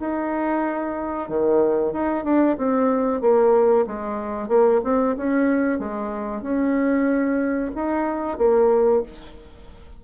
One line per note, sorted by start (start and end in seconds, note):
0.00 1.29 D#4
1.29 1.93 D#3
1.93 2.24 D#4
2.24 2.57 D4
2.57 3.21 C4
3.21 3.86 A#3
3.87 4.48 G#3
4.48 4.81 A#3
4.84 5.16 C4
5.17 5.79 C#4
5.79 6.42 G#3
6.42 7.71 C#4
7.75 8.38 D#4
8.38 9.03 A#3